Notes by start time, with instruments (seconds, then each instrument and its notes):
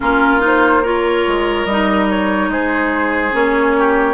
0.00 bassoon A#3, clarinet C#4, oboe F4, flute A#4
0.40 clarinet D#4, flute C5
0.82 clarinet F4, oboe A#4, flute C#5
1.27 bassoon G#3
1.65 bassoon G3, clarinet D#4, flute D#5
2.09 flute C#5
2.48 bassoon G#3, oboe G#4, flute C5
3.32 bassoon A#3, clarinet C#4, flute C#5
3.77 oboe G4